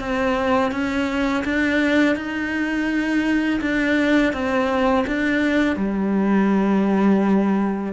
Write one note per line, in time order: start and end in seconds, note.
0.00 0.72 C4
0.72 1.44 C#4
1.45 2.16 D4
2.16 3.60 D#4
3.61 4.33 D4
4.33 5.05 C4
5.07 5.77 D4
5.77 7.93 G3